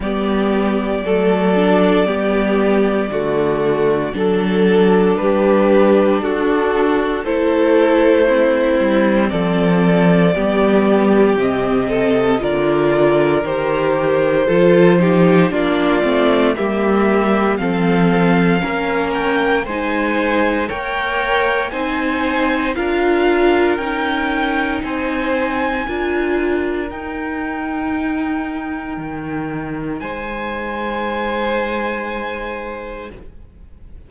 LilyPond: <<
  \new Staff \with { instrumentName = "violin" } { \time 4/4 \tempo 4 = 58 d''1 | a'4 b'4 a'4 c''4~ | c''4 d''2 dis''4 | d''4 c''2 d''4 |
e''4 f''4. g''8 gis''4 | g''4 gis''4 f''4 g''4 | gis''2 g''2~ | g''4 gis''2. | }
  \new Staff \with { instrumentName = "violin" } { \time 4/4 g'4 a'4 g'4 fis'4 | a'4 g'4 fis'4 a'4 | e'4 a'4 g'4. a'8 | ais'2 a'8 g'8 f'4 |
g'4 a'4 ais'4 c''4 | cis''4 c''4 ais'2 | c''4 ais'2.~ | ais'4 c''2. | }
  \new Staff \with { instrumentName = "viola" } { \time 4/4 b4 a8 d'8 b4 a4 | d'2. e'4 | c'2 b4 c'4 | f'4 g'4 f'8 dis'8 d'8 c'8 |
ais4 c'4 cis'4 dis'4 | ais'4 dis'4 f'4 dis'4~ | dis'4 f'4 dis'2~ | dis'1 | }
  \new Staff \with { instrumentName = "cello" } { \time 4/4 g4 fis4 g4 d4 | fis4 g4 d'4 a4~ | a8 g8 f4 g4 c4 | d4 dis4 f4 ais8 a8 |
g4 f4 ais4 gis4 | ais4 c'4 d'4 cis'4 | c'4 d'4 dis'2 | dis4 gis2. | }
>>